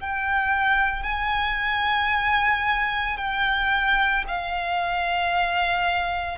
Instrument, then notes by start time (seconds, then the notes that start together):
violin
0.00 G5
1.03 G#5
3.17 G5
4.28 F5